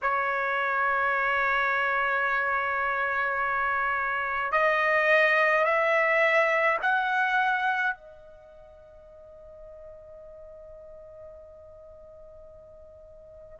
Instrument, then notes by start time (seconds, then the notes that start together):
trumpet
0.02 C#5
4.52 D#5
5.64 E5
6.82 F#5
7.95 D#5